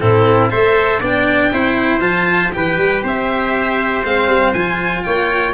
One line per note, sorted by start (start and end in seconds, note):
0.00 0.52 A2
0.00 0.50 C4
0.00 0.51 E4
0.00 0.50 A4
0.50 1.01 A3
0.50 1.01 A4
0.50 1.01 C5
0.50 1.01 E5
1.01 1.51 B3
1.01 1.53 D4
1.01 1.51 D5
1.01 2.01 G5
1.53 2.01 C4
1.53 2.01 E4
1.53 2.55 C5
2.01 2.51 F3
2.01 2.52 F4
2.01 2.51 A5
2.53 2.78 E3
2.53 4.04 G4
2.53 3.04 B4
2.53 3.04 G5
2.78 3.03 G3
3.04 4.04 C4
3.04 5.05 C5
3.04 4.05 E5
4.04 4.27 G#3
4.04 4.55 C4
4.04 4.54 F5
4.27 4.53 G3
4.54 5.05 F3
4.54 5.55 F4
4.54 5.03 G#5
5.03 5.55 A#3
5.03 5.55 C#5
5.03 5.54 G5